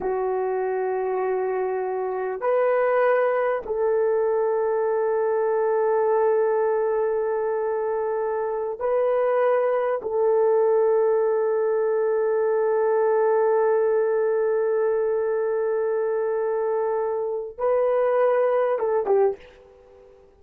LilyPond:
\new Staff \with { instrumentName = "horn" } { \time 4/4 \tempo 4 = 99 fis'1 | b'2 a'2~ | a'1~ | a'2~ a'8 b'4.~ |
b'8 a'2.~ a'8~ | a'1~ | a'1~ | a'4 b'2 a'8 g'8 | }